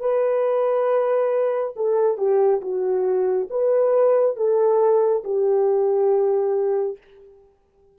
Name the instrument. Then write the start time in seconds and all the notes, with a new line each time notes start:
horn
0.00 B4
1.75 A4
2.17 G4
2.61 F#4
3.50 B4
4.36 A4
5.24 G4